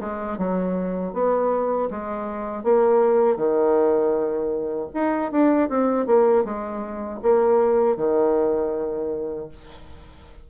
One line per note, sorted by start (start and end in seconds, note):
0.00 0.38 G#3
0.38 1.14 F#3
1.14 1.90 B3
1.91 2.64 G#3
2.64 3.37 A#3
3.37 4.89 D#3
4.94 5.32 D#4
5.32 5.70 D4
5.70 6.07 C4
6.07 6.45 A#3
6.45 7.21 G#3
7.23 7.97 A#3
7.97 9.49 D#3